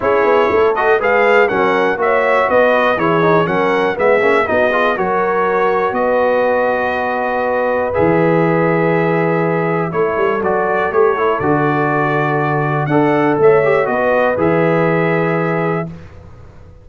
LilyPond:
<<
  \new Staff \with { instrumentName = "trumpet" } { \time 4/4 \tempo 4 = 121 cis''4. dis''8 f''4 fis''4 | e''4 dis''4 cis''4 fis''4 | e''4 dis''4 cis''2 | dis''1 |
e''1 | cis''4 d''4 cis''4 d''4~ | d''2 fis''4 e''4 | dis''4 e''2. | }
  \new Staff \with { instrumentName = "horn" } { \time 4/4 gis'4 a'4 b'4 ais'4 | cis''4 b'4 gis'4 ais'4 | gis'4 fis'8 gis'8 ais'2 | b'1~ |
b'1 | a'1~ | a'2 d''4 cis''4 | b'1 | }
  \new Staff \with { instrumentName = "trombone" } { \time 4/4 e'4. fis'8 gis'4 cis'4 | fis'2 e'8 dis'8 cis'4 | b8 cis'8 dis'8 f'8 fis'2~ | fis'1 |
gis'1 | e'4 fis'4 g'8 e'8 fis'4~ | fis'2 a'4. g'8 | fis'4 gis'2. | }
  \new Staff \with { instrumentName = "tuba" } { \time 4/4 cis'8 b8 a4 gis4 fis4 | ais4 b4 e4 fis4 | gis8 ais8 b4 fis2 | b1 |
e1 | a8 g8 fis4 a4 d4~ | d2 d'4 a4 | b4 e2. | }
>>